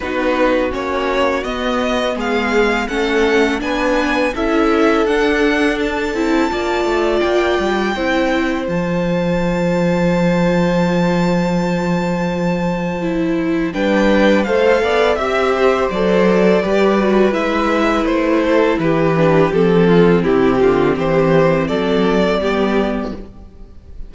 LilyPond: <<
  \new Staff \with { instrumentName = "violin" } { \time 4/4 \tempo 4 = 83 b'4 cis''4 dis''4 f''4 | fis''4 gis''4 e''4 fis''4 | a''2 g''2 | a''1~ |
a''2. g''4 | f''4 e''4 d''2 | e''4 c''4 b'4 a'4 | g'4 c''4 d''2 | }
  \new Staff \with { instrumentName = "violin" } { \time 4/4 fis'2. gis'4 | a'4 b'4 a'2~ | a'4 d''2 c''4~ | c''1~ |
c''2. b'4 | c''8 d''8 e''8 c''4. b'4~ | b'4. a'8 g'4. f'8 | e'8 f'8 g'4 a'4 g'4 | }
  \new Staff \with { instrumentName = "viola" } { \time 4/4 dis'4 cis'4 b2 | cis'4 d'4 e'4 d'4~ | d'8 e'8 f'2 e'4 | f'1~ |
f'2 e'4 d'4 | a'4 g'4 a'4 g'8 fis'8 | e'2~ e'8 d'8 c'4~ | c'2. b4 | }
  \new Staff \with { instrumentName = "cello" } { \time 4/4 b4 ais4 b4 gis4 | a4 b4 cis'4 d'4~ | d'8 c'8 ais8 a8 ais8 g8 c'4 | f1~ |
f2. g4 | a8 b8 c'4 fis4 g4 | gis4 a4 e4 f4 | c8 d8 e4 fis4 g4 | }
>>